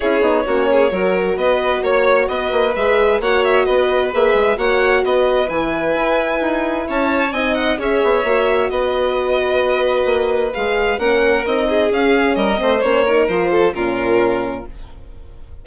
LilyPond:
<<
  \new Staff \with { instrumentName = "violin" } { \time 4/4 \tempo 4 = 131 cis''2. dis''4 | cis''4 dis''4 e''4 fis''8 e''8 | dis''4 e''4 fis''4 dis''4 | gis''2. a''4 |
gis''8 fis''8 e''2 dis''4~ | dis''2. f''4 | fis''4 dis''4 f''4 dis''4 | cis''4 c''4 ais'2 | }
  \new Staff \with { instrumentName = "violin" } { \time 4/4 gis'4 fis'8 gis'8 ais'4 b'4 | cis''4 b'2 cis''4 | b'2 cis''4 b'4~ | b'2. cis''4 |
dis''4 cis''2 b'4~ | b'1 | ais'4. gis'4. ais'8 c''8~ | c''8 ais'4 a'8 f'2 | }
  \new Staff \with { instrumentName = "horn" } { \time 4/4 e'8 dis'8 cis'4 fis'2~ | fis'2 gis'4 fis'4~ | fis'4 gis'4 fis'2 | e'1 |
dis'4 gis'4 fis'2~ | fis'2. gis'4 | cis'4 dis'4 cis'4. c'8 | cis'8 dis'8 f'4 cis'2 | }
  \new Staff \with { instrumentName = "bassoon" } { \time 4/4 cis'8 b8 ais4 fis4 b4 | ais4 b8 ais8 gis4 ais4 | b4 ais8 gis8 ais4 b4 | e4 e'4 dis'4 cis'4 |
c'4 cis'8 b8 ais4 b4~ | b2 ais4 gis4 | ais4 c'4 cis'4 g8 a8 | ais4 f4 ais,2 | }
>>